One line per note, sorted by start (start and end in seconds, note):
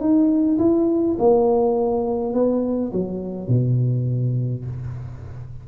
0.00 0.58 D#4
0.59 1.17 E4
1.19 2.34 A#3
2.34 2.92 B3
2.92 3.48 F#3
3.48 4.65 B2